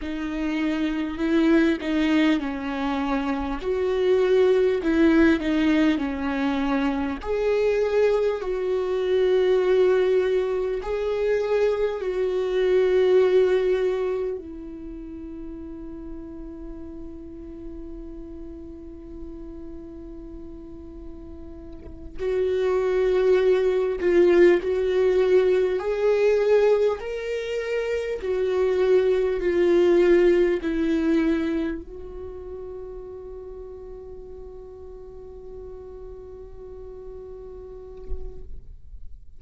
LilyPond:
\new Staff \with { instrumentName = "viola" } { \time 4/4 \tempo 4 = 50 dis'4 e'8 dis'8 cis'4 fis'4 | e'8 dis'8 cis'4 gis'4 fis'4~ | fis'4 gis'4 fis'2 | e'1~ |
e'2~ e'8 fis'4. | f'8 fis'4 gis'4 ais'4 fis'8~ | fis'8 f'4 e'4 fis'4.~ | fis'1 | }